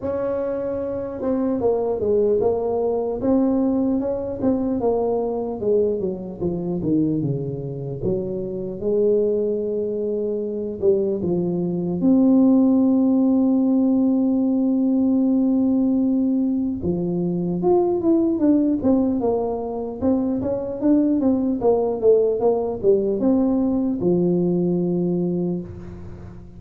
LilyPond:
\new Staff \with { instrumentName = "tuba" } { \time 4/4 \tempo 4 = 75 cis'4. c'8 ais8 gis8 ais4 | c'4 cis'8 c'8 ais4 gis8 fis8 | f8 dis8 cis4 fis4 gis4~ | gis4. g8 f4 c'4~ |
c'1~ | c'4 f4 f'8 e'8 d'8 c'8 | ais4 c'8 cis'8 d'8 c'8 ais8 a8 | ais8 g8 c'4 f2 | }